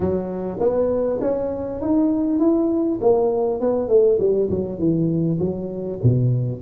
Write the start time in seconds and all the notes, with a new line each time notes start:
0.00 F#3
0.59 B3
1.21 C#4
1.81 D#4
2.39 E4
3.01 A#3
3.60 B3
3.88 A3
4.19 G3
4.49 F#3
4.78 E3
5.39 F#3
6.03 B2